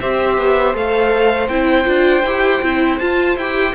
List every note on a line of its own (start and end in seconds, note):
0.00 0.37 C4
0.00 0.74 G4
0.00 3.75 C5
0.00 0.75 E5
0.37 0.74 B3
0.74 1.48 A3
0.74 1.49 A4
0.74 1.48 F5
1.48 1.85 C4
1.48 1.84 E4
1.48 2.98 G5
1.84 2.23 D4
1.84 2.22 F4
2.23 2.61 E4
2.23 2.62 G4
2.62 2.99 C4
2.62 3.00 E4
2.98 3.36 F4
2.98 3.38 F4
2.98 3.36 A5
3.36 3.74 E4
3.36 3.75 G4
3.36 3.75 G5